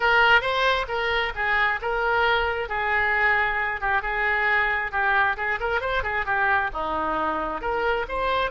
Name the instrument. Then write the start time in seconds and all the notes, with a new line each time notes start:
oboe
0.00 A#4
0.41 C5
0.88 A#4
1.35 G#4
1.81 A#4
2.69 G#4
3.81 G4
4.02 G#4
4.91 G4
5.36 G#4
5.60 A#4
5.80 C5
6.03 G#4
6.25 G4
6.73 D#4
7.61 A#4
8.08 C5